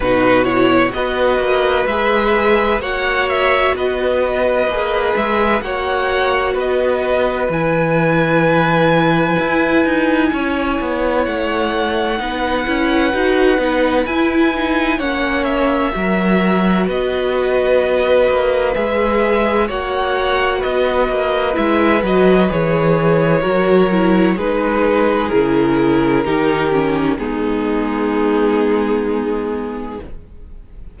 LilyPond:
<<
  \new Staff \with { instrumentName = "violin" } { \time 4/4 \tempo 4 = 64 b'8 cis''8 dis''4 e''4 fis''8 e''8 | dis''4. e''8 fis''4 dis''4 | gis''1 | fis''2. gis''4 |
fis''8 e''4. dis''2 | e''4 fis''4 dis''4 e''8 dis''8 | cis''2 b'4 ais'4~ | ais'4 gis'2. | }
  \new Staff \with { instrumentName = "violin" } { \time 4/4 fis'4 b'2 cis''4 | b'2 cis''4 b'4~ | b'2. cis''4~ | cis''4 b'2. |
cis''4 ais'4 b'2~ | b'4 cis''4 b'2~ | b'4 ais'4 gis'2 | g'4 dis'2. | }
  \new Staff \with { instrumentName = "viola" } { \time 4/4 dis'8 e'8 fis'4 gis'4 fis'4~ | fis'4 gis'4 fis'2 | e'1~ | e'4 dis'8 e'8 fis'8 dis'8 e'8 dis'8 |
cis'4 fis'2. | gis'4 fis'2 e'8 fis'8 | gis'4 fis'8 e'8 dis'4 e'4 | dis'8 cis'8 b2. | }
  \new Staff \with { instrumentName = "cello" } { \time 4/4 b,4 b8 ais8 gis4 ais4 | b4 ais8 gis8 ais4 b4 | e2 e'8 dis'8 cis'8 b8 | a4 b8 cis'8 dis'8 b8 e'4 |
ais4 fis4 b4. ais8 | gis4 ais4 b8 ais8 gis8 fis8 | e4 fis4 gis4 cis4 | dis4 gis2. | }
>>